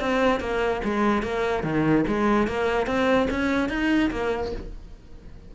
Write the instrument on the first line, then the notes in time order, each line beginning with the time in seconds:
cello
0.00 C4
0.40 A#3
0.84 G#3
1.22 A#3
1.63 D#3
2.07 G#3
2.47 A#3
2.87 C4
3.30 C#4
3.69 D#4
4.10 A#3